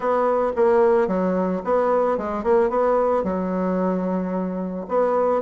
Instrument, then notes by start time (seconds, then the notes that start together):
bassoon
0.00 B3
0.56 A#3
1.07 F#3
1.64 B3
2.17 G#3
2.43 A#3
2.69 B3
3.23 F#3
4.88 B3